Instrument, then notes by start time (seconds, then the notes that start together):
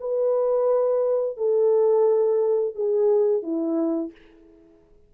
horn
0.00 B4
1.37 A4
2.75 G#4
3.43 E4